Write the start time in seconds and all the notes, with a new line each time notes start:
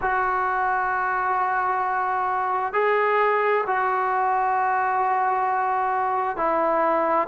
0.01 F#4
2.73 G#4
3.66 F#4
6.36 E4